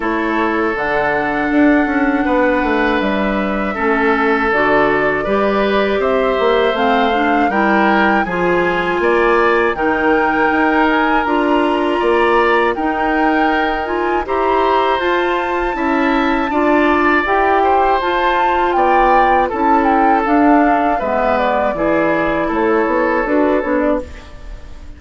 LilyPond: <<
  \new Staff \with { instrumentName = "flute" } { \time 4/4 \tempo 4 = 80 cis''4 fis''2. | e''2 d''2 | e''4 f''4 g''4 gis''4~ | gis''4 g''4. gis''8 ais''4~ |
ais''4 g''4. gis''8 ais''4 | a''2. g''4 | a''4 g''4 a''8 g''8 f''4 | e''8 d''4. cis''4 b'8 cis''16 d''16 | }
  \new Staff \with { instrumentName = "oboe" } { \time 4/4 a'2. b'4~ | b'4 a'2 b'4 | c''2 ais'4 gis'4 | d''4 ais'2. |
d''4 ais'2 c''4~ | c''4 e''4 d''4. c''8~ | c''4 d''4 a'2 | b'4 gis'4 a'2 | }
  \new Staff \with { instrumentName = "clarinet" } { \time 4/4 e'4 d'2.~ | d'4 cis'4 fis'4 g'4~ | g'4 c'8 d'8 e'4 f'4~ | f'4 dis'2 f'4~ |
f'4 dis'4. f'8 g'4 | f'4 e'4 f'4 g'4 | f'2 e'4 d'4 | b4 e'2 fis'8 d'8 | }
  \new Staff \with { instrumentName = "bassoon" } { \time 4/4 a4 d4 d'8 cis'8 b8 a8 | g4 a4 d4 g4 | c'8 ais8 a4 g4 f4 | ais4 dis4 dis'4 d'4 |
ais4 dis'2 e'4 | f'4 cis'4 d'4 e'4 | f'4 b4 cis'4 d'4 | gis4 e4 a8 b8 d'8 b8 | }
>>